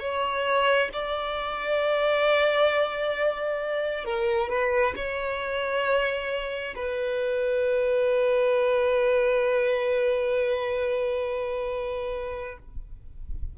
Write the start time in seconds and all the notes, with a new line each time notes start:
0.00 C#5
0.93 D5
4.04 A#4
4.49 B4
4.96 C#5
6.75 B4